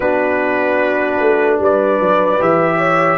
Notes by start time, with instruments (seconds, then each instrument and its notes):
0.00 tuba B3, trombone D4, horn F#4, trumpet B4
1.20 tuba A3
1.59 tuba G3, horn B4, trumpet D5
2.00 tuba F#3
2.39 tuba E3, trombone G4, trumpet E5
2.77 horn C#5